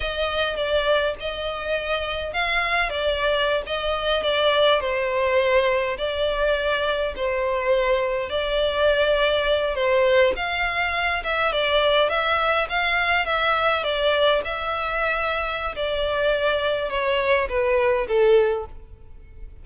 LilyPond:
\new Staff \with { instrumentName = "violin" } { \time 4/4 \tempo 4 = 103 dis''4 d''4 dis''2 | f''4 d''4~ d''16 dis''4 d''8.~ | d''16 c''2 d''4.~ d''16~ | d''16 c''2 d''4.~ d''16~ |
d''8. c''4 f''4. e''8 d''16~ | d''8. e''4 f''4 e''4 d''16~ | d''8. e''2~ e''16 d''4~ | d''4 cis''4 b'4 a'4 | }